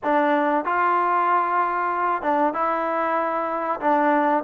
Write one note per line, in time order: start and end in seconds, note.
0.03 0.64 D4
0.64 2.22 F4
2.22 2.53 D4
2.53 3.80 E4
3.80 4.43 D4